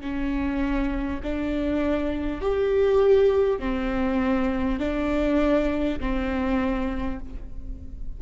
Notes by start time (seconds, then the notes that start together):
0.00 C#4
1.23 D4
2.41 G4
3.59 C4
4.79 D4
5.99 C4